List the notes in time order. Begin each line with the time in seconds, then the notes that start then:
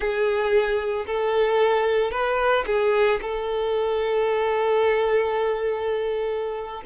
0.00 G#4
1.06 A4
2.11 B4
2.66 G#4
3.21 A4